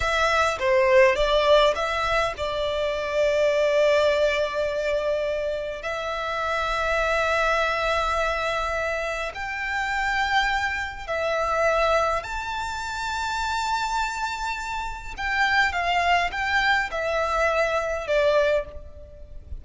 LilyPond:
\new Staff \with { instrumentName = "violin" } { \time 4/4 \tempo 4 = 103 e''4 c''4 d''4 e''4 | d''1~ | d''2 e''2~ | e''1 |
g''2. e''4~ | e''4 a''2.~ | a''2 g''4 f''4 | g''4 e''2 d''4 | }